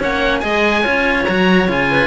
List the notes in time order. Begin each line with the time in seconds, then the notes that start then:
0.00 A#3 C#4 C#5 F#5
0.39 G#3 G#4 D#5 G#5
0.84 C#4 F4 C#5
1.25 F#3 F#4 A#5
1.68 C#3 F4 G#5
1.91 B4